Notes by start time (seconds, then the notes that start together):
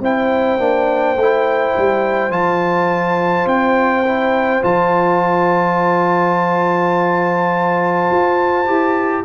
0.00 C4 E4 C5 G5
0.59 A#3 D4
1.16 A3 E4
1.77 G3
2.30 F3 F4 A5
3.46 C4 G5
4.05 E4
4.62 F3 F4 A5
8.11 F4
8.67 E4 G4